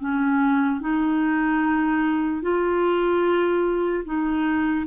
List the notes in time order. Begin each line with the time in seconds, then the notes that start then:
0.00 C#4
0.81 D#4
2.43 F4
4.05 D#4